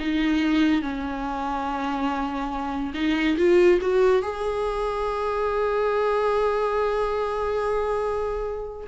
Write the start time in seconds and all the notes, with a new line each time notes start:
0.00 D#4
0.82 C#4
2.95 D#4
3.38 F4
3.82 F#4
4.23 G#4